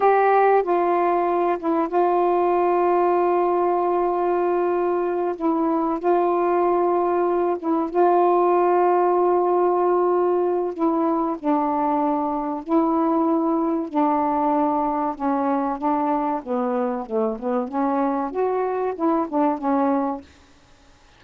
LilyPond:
\new Staff \with { instrumentName = "saxophone" } { \time 4/4 \tempo 4 = 95 g'4 f'4. e'8 f'4~ | f'1~ | f'8 e'4 f'2~ f'8 | e'8 f'2.~ f'8~ |
f'4 e'4 d'2 | e'2 d'2 | cis'4 d'4 b4 a8 b8 | cis'4 fis'4 e'8 d'8 cis'4 | }